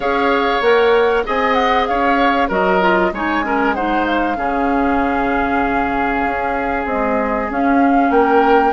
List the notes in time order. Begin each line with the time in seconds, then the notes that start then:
0.00 C#4 G#4 C#5 F5
0.61 A#3 A#4 F#5
1.24 C4 G#4 D#5 G#5
1.53 F#5
1.86 C#4 C#5 F5
2.48 F#3 F#4 A#4 D#5
2.80 F4
3.12 G#3 D#4 C#5 G#5
3.43 C#4 A#4
3.74 D#4 C5 F#5
4.06 F5
4.36 C#3 C#4 G#4
6.25 C#4
6.85 G#3 C4 D#5
7.49 C#4 F5
8.10 A#3 A#4 G5